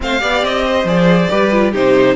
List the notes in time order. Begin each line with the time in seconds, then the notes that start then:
0.00 A3 C4 C5 F5
0.20 B3 G4 D5
0.43 C4 D#5
0.65 C5
0.84 F3 G#4 D5
1.29 G3 G4 B4
1.51 F4
1.71 C3 D#4 G4 C5